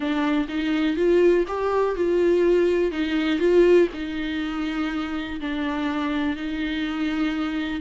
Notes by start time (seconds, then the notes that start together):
0.00 D4
0.48 D#4
0.96 F4
1.47 G4
1.95 F4
2.91 D#4
3.39 F4
3.93 D#4
5.40 D4
6.36 D#4